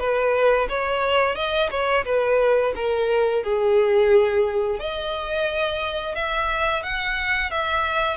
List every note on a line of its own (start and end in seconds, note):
0.00 0.68 B4
0.69 1.36 C#5
1.36 1.70 D#5
1.71 2.05 C#5
2.05 2.74 B4
2.76 3.44 A#4
3.44 4.80 G#4
4.80 6.16 D#5
6.16 6.84 E5
6.84 7.51 F#5
7.51 8.17 E5